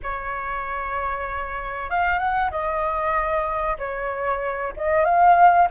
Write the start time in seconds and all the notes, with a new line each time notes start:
0.02 C#5
1.90 F5
2.18 F#5
2.50 D#5
3.78 C#5
4.76 D#5
5.04 F5